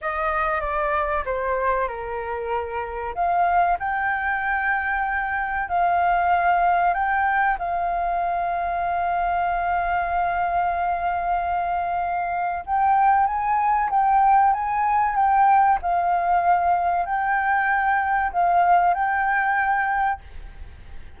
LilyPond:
\new Staff \with { instrumentName = "flute" } { \time 4/4 \tempo 4 = 95 dis''4 d''4 c''4 ais'4~ | ais'4 f''4 g''2~ | g''4 f''2 g''4 | f''1~ |
f''1 | g''4 gis''4 g''4 gis''4 | g''4 f''2 g''4~ | g''4 f''4 g''2 | }